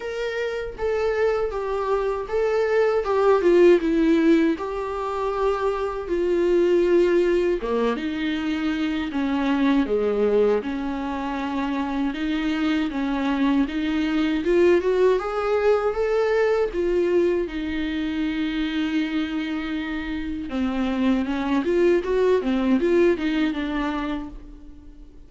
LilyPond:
\new Staff \with { instrumentName = "viola" } { \time 4/4 \tempo 4 = 79 ais'4 a'4 g'4 a'4 | g'8 f'8 e'4 g'2 | f'2 ais8 dis'4. | cis'4 gis4 cis'2 |
dis'4 cis'4 dis'4 f'8 fis'8 | gis'4 a'4 f'4 dis'4~ | dis'2. c'4 | cis'8 f'8 fis'8 c'8 f'8 dis'8 d'4 | }